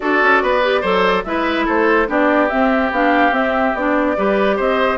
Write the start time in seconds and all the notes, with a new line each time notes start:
0.00 D4 F#4 A4 D5
0.22 C#4
0.42 B3 B4
0.62 G4
0.81 F#3 A4 C5
1.24 G#3 E4 B4 E5
1.65 A3 A4 C5
2.07 B3 D4 G4 D5
2.49 C4 E5
2.91 B3 D4 F5
3.31 C4 E5
3.74 B3 D4 D5
4.16 G3 G4 B4
4.56 C4 C5 D#5